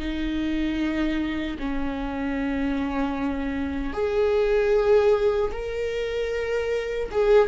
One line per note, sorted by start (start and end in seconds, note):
0.00 1.58 D#4
1.59 3.94 C#4
3.94 5.52 G#4
5.52 7.10 A#4
7.12 7.49 G#4